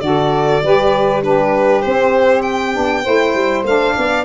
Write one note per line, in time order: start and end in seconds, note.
0.00 0.62 D3
0.00 0.62 F#4
0.00 0.63 A4
0.00 1.21 D5
0.63 1.84 G3
0.63 1.22 G4
0.63 1.23 B4
1.22 1.82 D4
1.22 3.03 G4
1.22 1.82 B4
1.82 2.73 C4
1.82 2.76 C4
1.82 2.42 C5
2.42 3.63 G5
2.73 3.06 B3
2.73 3.03 D4
3.03 3.34 A3
3.03 3.64 E4
3.03 3.94 C5
3.34 3.64 G3
3.64 3.94 A3
3.64 4.24 D4
3.64 4.24 F5
3.97 4.24 B3
3.97 4.24 D5